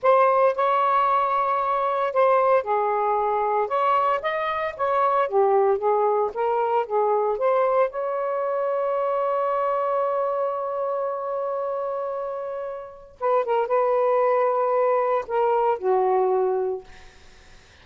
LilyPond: \new Staff \with { instrumentName = "saxophone" } { \time 4/4 \tempo 4 = 114 c''4 cis''2. | c''4 gis'2 cis''4 | dis''4 cis''4 g'4 gis'4 | ais'4 gis'4 c''4 cis''4~ |
cis''1~ | cis''1~ | cis''4 b'8 ais'8 b'2~ | b'4 ais'4 fis'2 | }